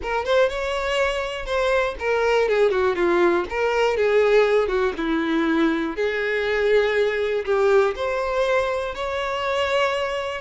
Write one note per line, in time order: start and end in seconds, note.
0.02 0.25 A#4
0.25 0.49 C5
0.49 1.45 C#5
1.45 1.95 C5
1.99 2.48 A#4
2.48 2.70 G#4
2.70 2.95 F#4
2.95 3.45 F4
3.49 3.96 A#4
3.96 4.68 G#4
4.68 4.92 F#4
4.97 5.95 E4
5.95 7.44 G#4
7.45 7.94 G4
7.95 8.94 C5
8.95 10.41 C#5